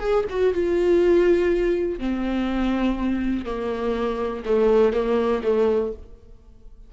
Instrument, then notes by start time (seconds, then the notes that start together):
viola
0.00 G#4
0.30 F#4
0.54 F4
1.99 C4
3.46 A#3
4.46 A3
4.93 A#3
5.44 A3